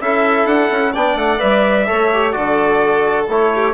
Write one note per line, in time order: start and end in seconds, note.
0.00 0.46 C#4
0.00 0.94 E4
0.00 0.93 A4
0.00 0.47 E5
0.46 0.69 D4
0.46 0.94 F#5
0.71 0.95 C#4
0.93 1.16 B3
0.93 1.39 D4
0.93 1.87 D5
0.93 1.18 G5
1.16 1.39 A3
1.16 1.41 F#5
1.39 1.89 G3
1.39 1.86 B4
1.39 2.32 E5
1.87 2.36 A3
1.87 2.10 A4
1.87 2.35 C#5
2.13 2.33 G4
2.32 3.28 D3
2.32 3.27 F#4
2.32 3.54 A4
2.32 3.26 D5
3.28 3.74 A3
3.28 3.74 E4
3.28 3.74 C#5
3.55 3.74 G4